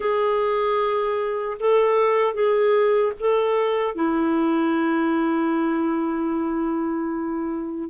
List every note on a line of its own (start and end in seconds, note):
0.00 1.57 G#4
1.59 2.34 A4
2.34 3.13 G#4
3.19 3.95 A4
3.95 7.89 E4